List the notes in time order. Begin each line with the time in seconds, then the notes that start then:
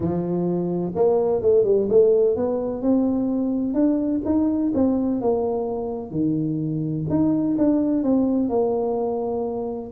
0.00 F3
0.95 A#3
1.42 A3
1.64 G3
1.89 A3
2.36 B3
2.82 C4
3.74 D4
4.25 D#4
4.74 C4
5.21 A#3
6.11 D#3
7.09 D#4
7.57 D4
8.03 C4
8.49 A#3